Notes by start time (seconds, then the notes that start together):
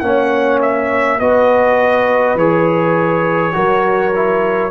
0.00 A#3 C#4 C#5 F#5
0.62 E5
1.19 B3 F#4 B4 D#5
2.35 E3 G#4 C#5
3.53 F#3 F#4 A#4
4.15 E4